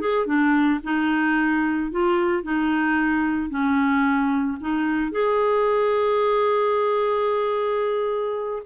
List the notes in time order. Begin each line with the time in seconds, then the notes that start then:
0.00 G#4
0.26 D4
0.83 D#4
1.91 F4
2.43 D#4
3.49 C#4
4.60 D#4
5.11 G#4